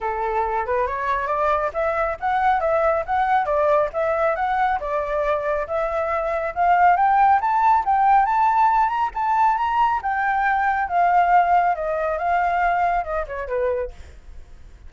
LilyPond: \new Staff \with { instrumentName = "flute" } { \time 4/4 \tempo 4 = 138 a'4. b'8 cis''4 d''4 | e''4 fis''4 e''4 fis''4 | d''4 e''4 fis''4 d''4~ | d''4 e''2 f''4 |
g''4 a''4 g''4 a''4~ | a''8 ais''8 a''4 ais''4 g''4~ | g''4 f''2 dis''4 | f''2 dis''8 cis''8 b'4 | }